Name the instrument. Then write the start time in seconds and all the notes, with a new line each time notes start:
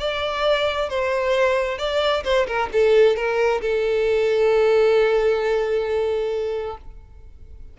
violin
0.00 D5
0.90 C5
1.79 D5
2.24 C5
2.48 A#4
2.73 A4
3.17 A#4
3.62 A4